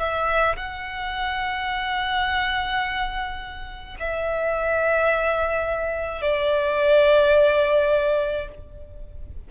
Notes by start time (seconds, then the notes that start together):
0.00 E5
0.57 F#5
4.00 E5
6.22 D5